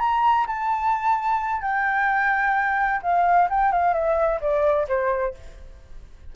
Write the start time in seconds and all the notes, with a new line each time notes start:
0.00 A#5
0.47 A5
1.62 G5
3.03 F5
3.50 G5
3.72 F5
3.94 E5
4.41 D5
4.88 C5